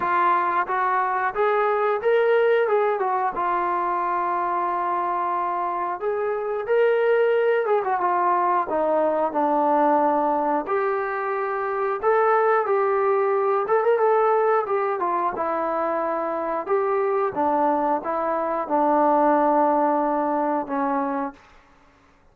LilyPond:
\new Staff \with { instrumentName = "trombone" } { \time 4/4 \tempo 4 = 90 f'4 fis'4 gis'4 ais'4 | gis'8 fis'8 f'2.~ | f'4 gis'4 ais'4. gis'16 fis'16 | f'4 dis'4 d'2 |
g'2 a'4 g'4~ | g'8 a'16 ais'16 a'4 g'8 f'8 e'4~ | e'4 g'4 d'4 e'4 | d'2. cis'4 | }